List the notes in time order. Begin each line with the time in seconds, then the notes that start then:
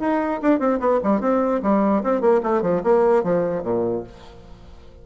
0.00 D#4
0.42 D4
0.59 C4
0.80 B3
1.04 G3
1.21 C4
1.63 G3
2.04 C4
2.21 A#3
2.43 A3
2.62 F3
2.84 A#3
3.23 F3
3.63 A#2